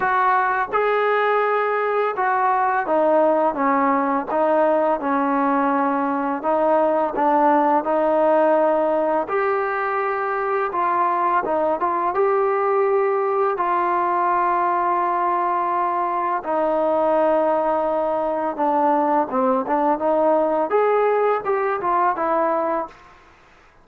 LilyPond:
\new Staff \with { instrumentName = "trombone" } { \time 4/4 \tempo 4 = 84 fis'4 gis'2 fis'4 | dis'4 cis'4 dis'4 cis'4~ | cis'4 dis'4 d'4 dis'4~ | dis'4 g'2 f'4 |
dis'8 f'8 g'2 f'4~ | f'2. dis'4~ | dis'2 d'4 c'8 d'8 | dis'4 gis'4 g'8 f'8 e'4 | }